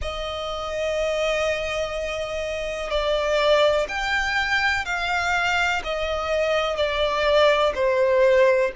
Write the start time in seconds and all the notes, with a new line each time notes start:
0.01 D#5
2.90 D5
3.88 G5
4.85 F5
5.83 D#5
6.76 D5
7.74 C5